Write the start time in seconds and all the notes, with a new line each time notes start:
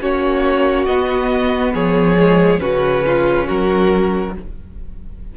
0.00 A#3 C#4 F#4 C#5
0.85 B3 D#5
1.73 F3 G#4 C#5
2.18 G#3
2.59 C#3 C#4 F#4 B4
3.06 F4
3.46 F#3 F#4 A#4